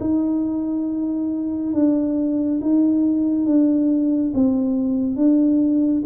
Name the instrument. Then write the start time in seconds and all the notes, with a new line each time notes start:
tuba
0.00 D#4
1.73 D4
2.61 D#4
3.45 D4
4.34 C4
5.16 D4